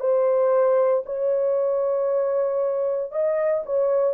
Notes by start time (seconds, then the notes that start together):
0.00 C5
1.05 C#5
3.11 D#5
3.65 C#5